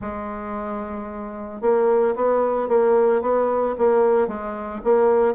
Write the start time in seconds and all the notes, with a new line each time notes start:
0.01 G#3
1.61 A#3
2.15 B3
2.68 A#3
3.21 B3
3.78 A#3
4.27 G#3
4.84 A#3